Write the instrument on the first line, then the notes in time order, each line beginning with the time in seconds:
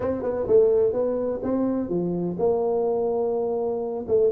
tuba
0.00 C4
0.22 B3
0.47 A3
0.92 B3
1.43 C4
1.89 F3
2.39 A#3
4.07 A3